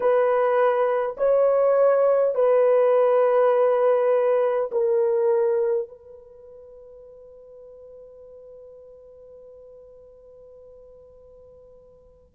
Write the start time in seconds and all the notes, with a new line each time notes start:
0.00 B4
1.17 C#5
2.35 B4
4.71 A#4
5.88 B4